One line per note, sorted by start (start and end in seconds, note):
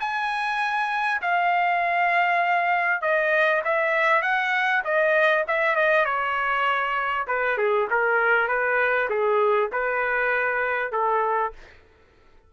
0.00 1.21 G#5
1.21 3.01 F5
3.01 3.62 D#5
3.64 4.22 E5
4.22 4.82 F#5
4.84 5.45 D#5
5.47 5.75 E5
5.75 6.05 D#5
6.05 7.26 C#5
7.27 7.57 B4
7.57 7.88 G#4
7.90 8.48 A#4
8.48 9.08 B4
9.09 9.70 G#4
9.72 10.92 B4
10.92 11.52 A4